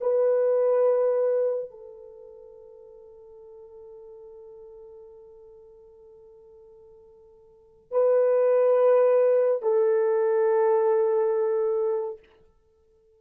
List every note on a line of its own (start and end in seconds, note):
0.00 1.70 B4
1.70 7.91 A4
7.91 9.62 B4
9.62 12.19 A4